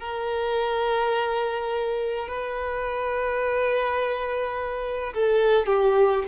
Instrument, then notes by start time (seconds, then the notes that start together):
violin
0.00 A#4
2.28 B4
5.14 A4
5.67 G4